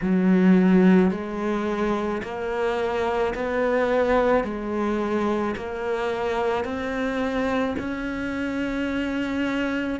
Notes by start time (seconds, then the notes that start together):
0.02 F#3
1.11 G#3
2.22 A#3
3.34 B3
4.43 G#3
5.56 A#3
6.64 C4
7.78 C#4